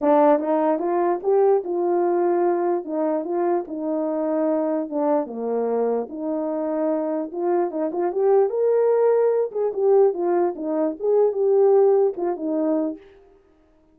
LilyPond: \new Staff \with { instrumentName = "horn" } { \time 4/4 \tempo 4 = 148 d'4 dis'4 f'4 g'4 | f'2. dis'4 | f'4 dis'2. | d'4 ais2 dis'4~ |
dis'2 f'4 dis'8 f'8 | g'4 ais'2~ ais'8 gis'8 | g'4 f'4 dis'4 gis'4 | g'2 f'8 dis'4. | }